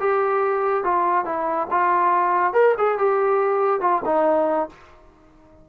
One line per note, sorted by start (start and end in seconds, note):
0.00 0.84 G4
0.84 1.25 F4
1.25 1.68 E4
1.70 2.54 F4
2.54 2.75 A#4
2.78 2.98 G#4
2.98 3.81 G4
3.81 4.02 F4
4.05 4.69 D#4